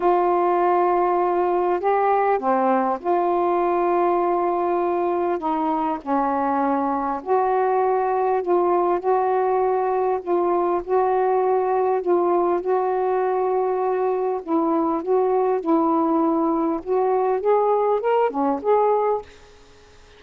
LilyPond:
\new Staff \with { instrumentName = "saxophone" } { \time 4/4 \tempo 4 = 100 f'2. g'4 | c'4 f'2.~ | f'4 dis'4 cis'2 | fis'2 f'4 fis'4~ |
fis'4 f'4 fis'2 | f'4 fis'2. | e'4 fis'4 e'2 | fis'4 gis'4 ais'8 cis'8 gis'4 | }